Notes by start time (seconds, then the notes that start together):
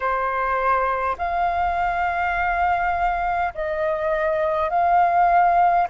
0.00 C5
1.18 F5
3.54 D#5
4.70 F5